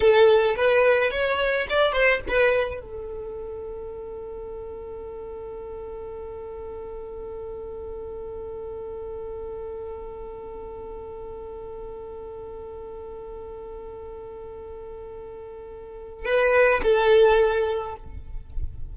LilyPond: \new Staff \with { instrumentName = "violin" } { \time 4/4 \tempo 4 = 107 a'4 b'4 cis''4 d''8 c''8 | b'4 a'2.~ | a'1~ | a'1~ |
a'1~ | a'1~ | a'1~ | a'4 b'4 a'2 | }